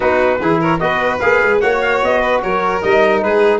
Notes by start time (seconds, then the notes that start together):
0.00 B3 D#4 F#4 B4
0.41 E3 E4 G#4
0.60 A#4 C#5
0.79 B3 F#4 B4 D#5
1.19 A#3 G#4 F5
1.42 G#3
1.59 A#3 F#4 C#5 F#5
1.81 F5
2.02 B3 D#5
2.21 B4
2.41 F#3 A#4 C#5
2.81 G3 D#4 D#5
3.22 G#3 G#4 B4